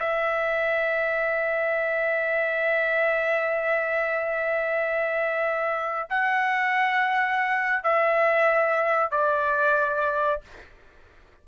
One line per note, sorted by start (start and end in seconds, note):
0.00 6.09 E5
6.10 7.83 F#5
7.83 9.11 E5
9.11 10.42 D5